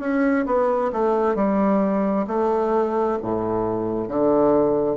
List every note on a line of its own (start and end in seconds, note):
0.00 0.45 C#4
0.46 0.92 B3
0.93 1.36 A3
1.36 2.26 G3
2.28 3.19 A3
3.22 4.09 A2
4.09 4.97 D3